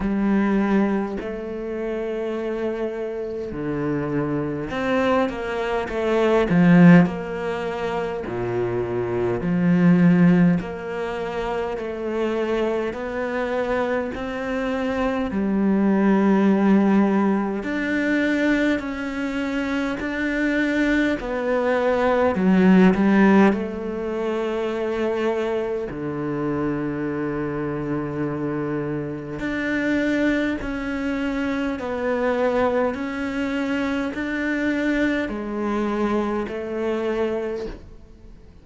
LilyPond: \new Staff \with { instrumentName = "cello" } { \time 4/4 \tempo 4 = 51 g4 a2 d4 | c'8 ais8 a8 f8 ais4 ais,4 | f4 ais4 a4 b4 | c'4 g2 d'4 |
cis'4 d'4 b4 fis8 g8 | a2 d2~ | d4 d'4 cis'4 b4 | cis'4 d'4 gis4 a4 | }